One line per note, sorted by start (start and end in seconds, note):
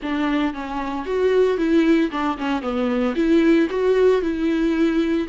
0.02 0.53 D4
0.53 1.05 C#4
1.05 1.57 F#4
1.57 2.10 E4
2.11 2.37 D4
2.37 2.61 C#4
2.61 3.14 B3
3.15 3.68 E4
3.70 4.21 F#4
4.21 5.27 E4